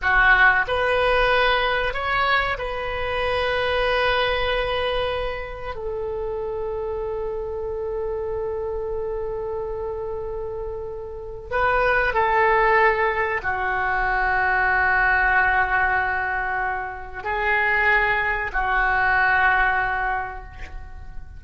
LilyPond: \new Staff \with { instrumentName = "oboe" } { \time 4/4 \tempo 4 = 94 fis'4 b'2 cis''4 | b'1~ | b'4 a'2.~ | a'1~ |
a'2 b'4 a'4~ | a'4 fis'2.~ | fis'2. gis'4~ | gis'4 fis'2. | }